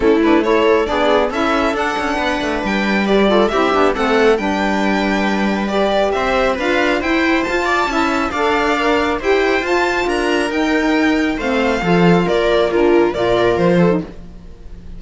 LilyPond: <<
  \new Staff \with { instrumentName = "violin" } { \time 4/4 \tempo 4 = 137 a'8 b'8 cis''4 d''4 e''4 | fis''2 g''4 d''4 | e''4 fis''4 g''2~ | g''4 d''4 e''4 f''4 |
g''4 a''2 f''4~ | f''4 g''4 a''4 ais''4 | g''2 f''2 | d''4 ais'4 d''4 c''4 | }
  \new Staff \with { instrumentName = "viola" } { \time 4/4 e'4 a'4 gis'4 a'4~ | a'4 b'2~ b'8 a'8 | g'4 a'4 b'2~ | b'2 c''4 b'4 |
c''4. d''8 e''4 d''4~ | d''4 c''2 ais'4~ | ais'2 c''4 a'4 | ais'4 f'4 ais'4. a'8 | }
  \new Staff \with { instrumentName = "saxophone" } { \time 4/4 cis'8 d'8 e'4 d'4 e'4 | d'2. g'8 f'8 | e'8 d'8 c'4 d'2~ | d'4 g'2 f'4 |
e'4 f'4 e'4 a'4 | ais'4 g'4 f'2 | dis'2 c'4 f'4~ | f'4 d'4 f'4.~ f'16 dis'16 | }
  \new Staff \with { instrumentName = "cello" } { \time 4/4 a2 b4 cis'4 | d'8 cis'8 b8 a8 g2 | c'8 b8 a4 g2~ | g2 c'4 d'4 |
e'4 f'4 cis'4 d'4~ | d'4 e'4 f'4 d'4 | dis'2 a4 f4 | ais2 ais,4 f4 | }
>>